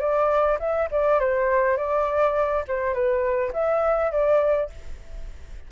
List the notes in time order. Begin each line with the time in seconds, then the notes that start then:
0.00 D5
0.60 E5
0.91 D5
1.20 C5
1.77 D5
2.68 C5
2.94 B4
3.53 E5
4.11 D5